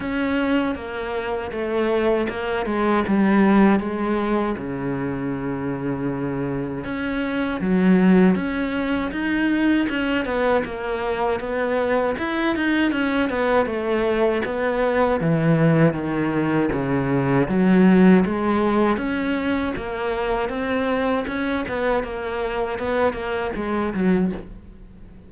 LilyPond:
\new Staff \with { instrumentName = "cello" } { \time 4/4 \tempo 4 = 79 cis'4 ais4 a4 ais8 gis8 | g4 gis4 cis2~ | cis4 cis'4 fis4 cis'4 | dis'4 cis'8 b8 ais4 b4 |
e'8 dis'8 cis'8 b8 a4 b4 | e4 dis4 cis4 fis4 | gis4 cis'4 ais4 c'4 | cis'8 b8 ais4 b8 ais8 gis8 fis8 | }